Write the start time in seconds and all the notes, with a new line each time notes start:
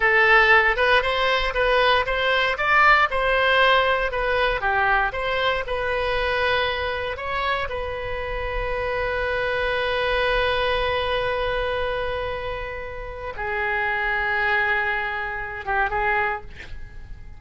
0.00 A4
0.76 B4
1.02 C5
1.54 B4
2.06 C5
2.57 D5
3.10 C5
4.11 B4
4.60 G4
5.12 C5
5.66 B4
7.16 C#5
7.69 B4
13.36 G#4
15.65 G4
15.90 G#4